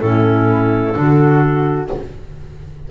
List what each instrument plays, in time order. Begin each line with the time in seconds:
0.00 double bass A2, clarinet C#4 A4, flute E4
0.93 double bass D3, clarinet D4, flute F#4